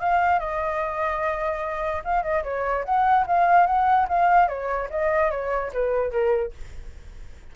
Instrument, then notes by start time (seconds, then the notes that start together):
flute
0.00 F5
0.39 D#5
2.04 F5
2.23 D#5
2.44 C#5
2.85 F#5
3.27 F5
3.66 F#5
4.08 F5
4.48 C#5
4.90 D#5
5.31 C#5
5.73 B4
6.11 A#4